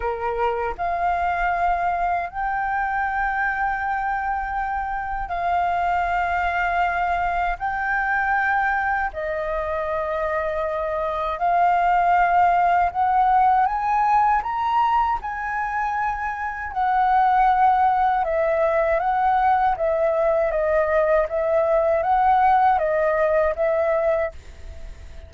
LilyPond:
\new Staff \with { instrumentName = "flute" } { \time 4/4 \tempo 4 = 79 ais'4 f''2 g''4~ | g''2. f''4~ | f''2 g''2 | dis''2. f''4~ |
f''4 fis''4 gis''4 ais''4 | gis''2 fis''2 | e''4 fis''4 e''4 dis''4 | e''4 fis''4 dis''4 e''4 | }